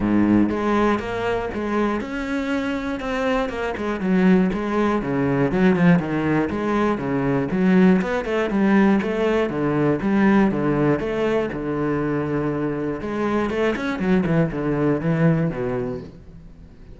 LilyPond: \new Staff \with { instrumentName = "cello" } { \time 4/4 \tempo 4 = 120 gis,4 gis4 ais4 gis4 | cis'2 c'4 ais8 gis8 | fis4 gis4 cis4 fis8 f8 | dis4 gis4 cis4 fis4 |
b8 a8 g4 a4 d4 | g4 d4 a4 d4~ | d2 gis4 a8 cis'8 | fis8 e8 d4 e4 b,4 | }